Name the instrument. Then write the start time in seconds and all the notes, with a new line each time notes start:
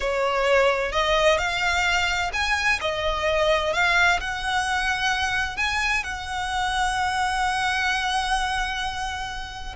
violin
0.00 C#5
0.92 D#5
1.38 F5
2.33 G#5
2.80 D#5
3.73 F5
4.20 F#5
5.57 G#5
6.03 F#5